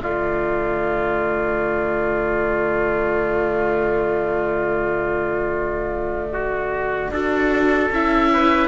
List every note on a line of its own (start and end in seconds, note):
0.00 7.11 D3
0.00 7.12 A3
0.00 6.33 F4
0.00 7.92 D5
6.33 7.12 F#4
7.11 7.90 D4
7.11 7.91 F#4
7.11 8.31 A4
7.91 8.68 C#4
7.91 8.68 E4
7.91 8.68 E5
8.33 8.68 B4